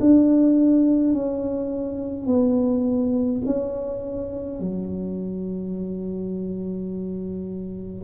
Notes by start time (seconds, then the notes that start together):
0.00 D4
1.14 C#4
2.27 B3
3.46 C#4
4.60 F#3